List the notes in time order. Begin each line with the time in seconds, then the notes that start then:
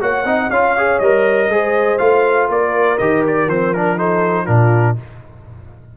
0.00 A#3 F#4 C#5 F#5
0.25 C4 D#4 D#5
0.50 C#4 F4 C#5 F5
0.78 G#4
0.99 G3 A#4 D#5
1.48 G#3 G#4 C5
1.98 A3 F4 F5
2.49 A#3 A#4 D5
2.98 D#3 G4 D#5
3.27 D5
3.47 F3 C4 C5
3.73 D4 A#4
3.97 D#4 A4 C5
4.45 A#2 D4 F4 A#4